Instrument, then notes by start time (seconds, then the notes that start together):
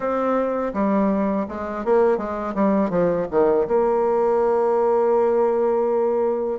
bassoon
0.00 C4
0.73 G3
1.48 G#3
1.84 A#3
2.17 G#3
2.54 G3
2.90 F3
3.30 D#3
3.67 A#3